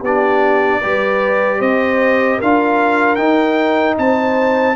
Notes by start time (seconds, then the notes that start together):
0.00 B3 D4 G4 D5
0.80 G3 G4 B4
1.58 C4 C5 D#5
2.37 D4 F4 A#4 F5
3.15 D#4 G5
3.98 C4 C5 A5